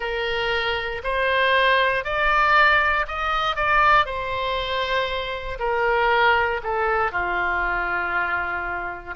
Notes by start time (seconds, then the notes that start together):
0.00 A#4
1.04 C5
2.04 D5
3.07 D#5
3.56 D5
4.05 C5
5.59 A#4
6.63 A4
7.11 F4